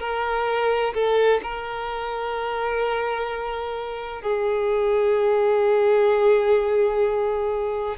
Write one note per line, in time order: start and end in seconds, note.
0.00 0.94 A#4
0.94 1.41 A4
1.43 4.22 A#4
4.22 7.97 G#4